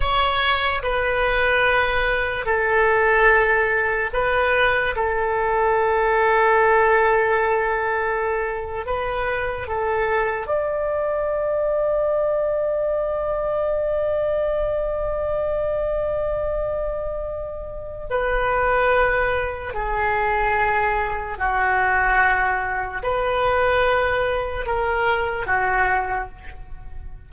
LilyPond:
\new Staff \with { instrumentName = "oboe" } { \time 4/4 \tempo 4 = 73 cis''4 b'2 a'4~ | a'4 b'4 a'2~ | a'2~ a'8. b'4 a'16~ | a'8. d''2.~ d''16~ |
d''1~ | d''2 b'2 | gis'2 fis'2 | b'2 ais'4 fis'4 | }